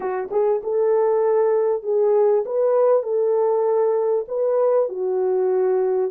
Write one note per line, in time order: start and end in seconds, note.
0.00 0.29 F#4
0.31 0.61 G#4
0.63 1.82 A4
1.82 2.44 G#4
2.45 3.03 B4
3.03 4.25 A4
4.27 4.88 B4
4.88 6.11 F#4